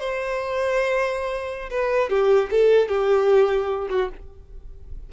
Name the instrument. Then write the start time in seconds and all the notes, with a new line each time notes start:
violin
0.00 C5
1.71 B4
2.10 G4
2.51 A4
2.89 G4
3.90 F#4